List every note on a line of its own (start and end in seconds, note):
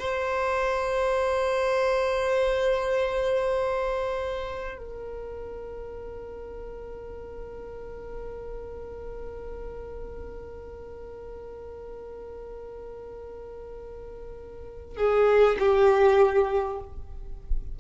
0.00 4.79 C5
4.79 14.97 A#4
14.97 15.57 G#4
15.59 16.79 G4